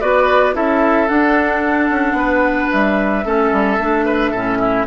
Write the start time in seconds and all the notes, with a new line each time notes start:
0.00 B3 F#4 B4 D5
0.53 C#4 E4 A4 E5
1.08 D4 F#5
1.89 C#4
2.12 B3 B4
2.71 G3 E5
3.24 A3 C#4 A4
3.52 G3
3.78 A3 D4
4.05 B4
4.30 A2 C#4 A4
4.59 E4